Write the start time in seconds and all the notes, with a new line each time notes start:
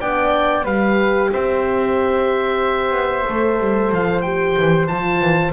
0.00 B3 D4 D5 G5
0.64 G3 G4 B4 F5
1.32 C4 C5 E5
2.92 B3
3.27 A3 A4
3.60 G3
3.92 F3 F5
4.21 G4 G5
4.59 E3
4.87 F3 F4 A5
5.21 E3